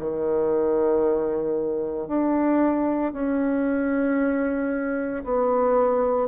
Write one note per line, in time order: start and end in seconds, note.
0.00 2.08 D#3
2.08 3.13 D4
3.13 5.24 C#4
5.24 6.28 B3